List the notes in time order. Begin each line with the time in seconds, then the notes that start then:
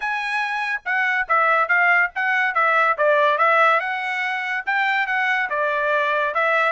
0.00 G#5
0.85 F#5
1.28 E5
1.68 F5
2.15 F#5
2.54 E5
2.97 D5
3.37 E5
3.80 F#5
4.66 G5
5.06 F#5
5.49 D5
6.34 E5